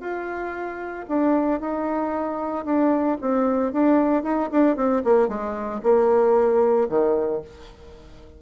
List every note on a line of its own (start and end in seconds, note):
0.00 1.05 F4
1.08 1.60 D4
1.60 2.65 D#4
2.65 3.17 D4
3.21 3.72 C4
3.72 4.23 D4
4.23 4.49 D#4
4.51 4.76 D4
4.76 5.03 C4
5.04 5.28 A#3
5.28 5.81 G#3
5.83 6.88 A#3
6.89 7.41 D#3